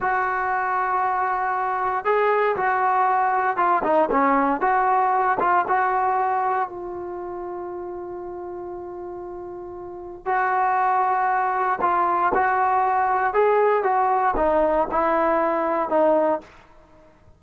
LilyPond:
\new Staff \with { instrumentName = "trombone" } { \time 4/4 \tempo 4 = 117 fis'1 | gis'4 fis'2 f'8 dis'8 | cis'4 fis'4. f'8 fis'4~ | fis'4 f'2.~ |
f'1 | fis'2. f'4 | fis'2 gis'4 fis'4 | dis'4 e'2 dis'4 | }